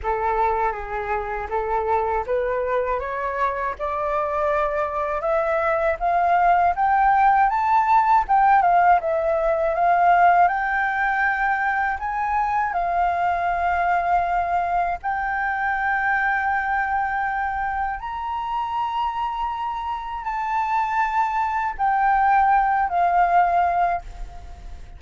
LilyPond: \new Staff \with { instrumentName = "flute" } { \time 4/4 \tempo 4 = 80 a'4 gis'4 a'4 b'4 | cis''4 d''2 e''4 | f''4 g''4 a''4 g''8 f''8 | e''4 f''4 g''2 |
gis''4 f''2. | g''1 | ais''2. a''4~ | a''4 g''4. f''4. | }